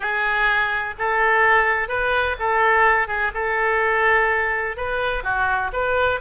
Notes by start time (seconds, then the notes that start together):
0.00 G#4
0.98 A4
1.88 B4
2.39 A4
3.07 G#4
3.34 A4
4.76 B4
5.23 F#4
5.72 B4